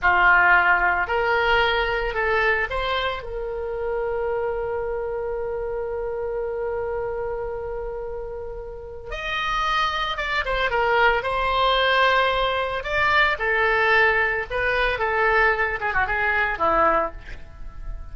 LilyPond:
\new Staff \with { instrumentName = "oboe" } { \time 4/4 \tempo 4 = 112 f'2 ais'2 | a'4 c''4 ais'2~ | ais'1~ | ais'1~ |
ais'4 dis''2 d''8 c''8 | ais'4 c''2. | d''4 a'2 b'4 | a'4. gis'16 fis'16 gis'4 e'4 | }